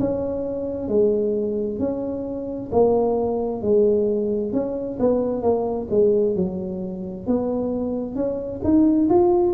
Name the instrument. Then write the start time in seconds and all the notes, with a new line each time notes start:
tuba
0.00 C#4
0.88 G#3
1.79 C#4
2.72 A#3
3.62 G#3
4.53 C#4
5.00 B3
5.43 A#3
5.90 G#3
6.36 F#3
7.27 B3
8.16 C#4
8.64 D#4
9.10 F4